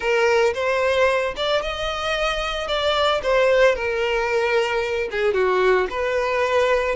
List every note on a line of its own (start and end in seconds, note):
0.00 0.53 A#4
0.54 1.34 C5
1.36 1.62 D5
1.62 2.67 D#5
2.67 3.21 D5
3.22 3.75 C5
3.75 5.09 A#4
5.11 5.33 G#4
5.33 5.87 F#4
5.90 6.95 B4